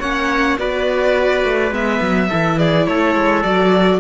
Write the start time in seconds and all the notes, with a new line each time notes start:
0.00 A#3 C#4 C#5 F#5
0.58 B3 F#4 B4 D5
1.44 A3
1.71 G#3 B3 E5
2.01 F#3
2.30 E3 E4 A4
2.59 G#4 D5
2.88 A3 A4 C#5
3.15 G#3
3.43 F#3 F#4 D5